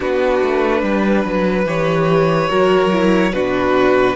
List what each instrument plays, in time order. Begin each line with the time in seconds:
0.00 cello B3, viola D4, violin F#4 B4
0.41 cello A3
0.82 cello G3, violin B4
1.24 cello F#3
1.65 cello E3, viola G4, violin C#5
2.49 cello F#3, viola F#4, violin A#4
2.91 viola E4
3.32 cello B2, viola D4, violin F#4 B4